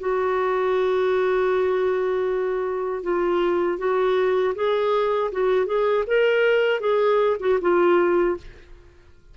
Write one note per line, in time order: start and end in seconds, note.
0.00 3.03 F#4
3.03 3.79 F4
3.79 4.55 F#4
4.55 5.31 G#4
5.32 5.67 F#4
5.67 6.04 G#4
6.07 6.80 A#4
6.80 7.37 G#4
7.40 7.59 F#4
7.61 8.37 F4